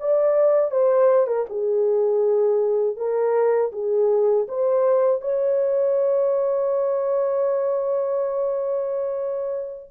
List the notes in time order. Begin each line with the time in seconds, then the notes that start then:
0.00 D5
0.72 C5
1.27 A#4
1.50 G#4
2.97 A#4
3.73 G#4
4.49 C5
5.22 C#5